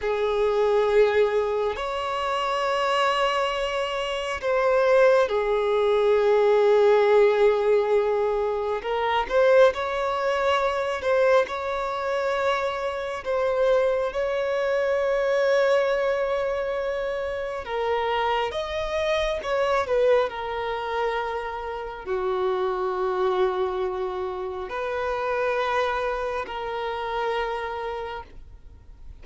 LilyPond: \new Staff \with { instrumentName = "violin" } { \time 4/4 \tempo 4 = 68 gis'2 cis''2~ | cis''4 c''4 gis'2~ | gis'2 ais'8 c''8 cis''4~ | cis''8 c''8 cis''2 c''4 |
cis''1 | ais'4 dis''4 cis''8 b'8 ais'4~ | ais'4 fis'2. | b'2 ais'2 | }